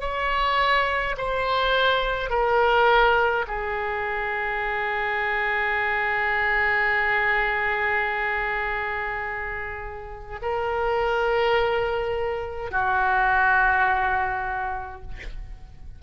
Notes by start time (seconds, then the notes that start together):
0.00 C#5
1.17 C5
2.30 A#4
3.47 G#4
10.42 A#4
12.71 F#4